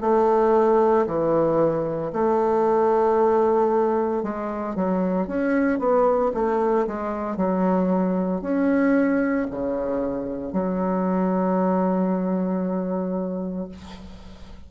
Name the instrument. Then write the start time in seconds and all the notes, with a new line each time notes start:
bassoon
0.00 A3
1.06 E3
2.12 A3
4.22 G#3
4.75 F#3
5.27 C#4
5.78 B3
6.33 A3
6.87 G#3
7.36 F#3
8.41 C#4
9.50 C#3
10.52 F#3